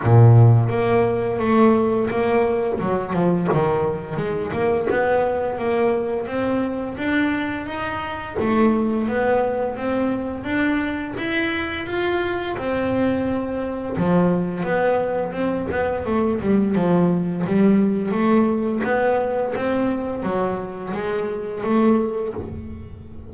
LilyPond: \new Staff \with { instrumentName = "double bass" } { \time 4/4 \tempo 4 = 86 ais,4 ais4 a4 ais4 | fis8 f8 dis4 gis8 ais8 b4 | ais4 c'4 d'4 dis'4 | a4 b4 c'4 d'4 |
e'4 f'4 c'2 | f4 b4 c'8 b8 a8 g8 | f4 g4 a4 b4 | c'4 fis4 gis4 a4 | }